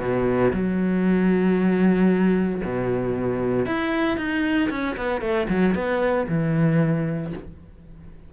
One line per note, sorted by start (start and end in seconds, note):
0.00 0.52 B2
0.53 2.62 F#3
2.64 3.66 B2
3.66 4.18 E4
4.18 4.70 D#4
4.70 4.96 C#4
4.97 5.22 B3
5.22 5.48 A3
5.49 5.75 F#3
5.75 6.27 B3
6.29 7.33 E3